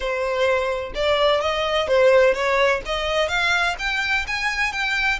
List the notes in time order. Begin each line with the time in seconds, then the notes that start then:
0.00 C5
0.94 D5
1.40 D#5
1.87 C5
2.34 C#5
2.85 D#5
3.28 F5
3.78 G5
4.27 G#5
4.72 G5